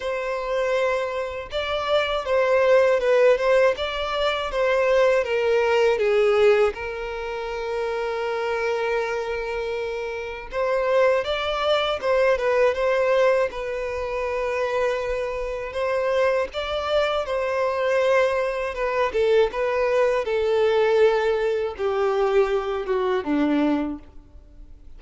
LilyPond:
\new Staff \with { instrumentName = "violin" } { \time 4/4 \tempo 4 = 80 c''2 d''4 c''4 | b'8 c''8 d''4 c''4 ais'4 | gis'4 ais'2.~ | ais'2 c''4 d''4 |
c''8 b'8 c''4 b'2~ | b'4 c''4 d''4 c''4~ | c''4 b'8 a'8 b'4 a'4~ | a'4 g'4. fis'8 d'4 | }